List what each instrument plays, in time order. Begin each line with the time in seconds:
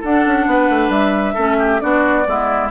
0.00 bassoon D4, clarinet D4, oboe A4, flute F#5
0.26 bassoon C#4
0.46 bassoon B3, oboe B4
0.69 bassoon A3
0.89 bassoon G3, flute E5
1.34 bassoon A3, clarinet C#4, oboe A4
1.58 oboe G4
1.79 bassoon B3, clarinet D4, oboe F#4, flute D5
2.26 bassoon G#3, clarinet B3, oboe E4